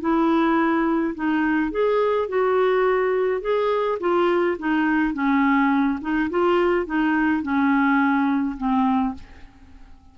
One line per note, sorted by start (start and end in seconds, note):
0.00 1.14 E4
1.15 1.71 D#4
1.71 2.28 G#4
2.28 3.41 F#4
3.41 3.98 G#4
4.00 4.57 F4
4.58 5.14 D#4
5.14 5.99 C#4
6.01 6.29 D#4
6.30 6.86 F4
6.86 7.42 D#4
7.42 8.56 C#4
8.57 9.14 C4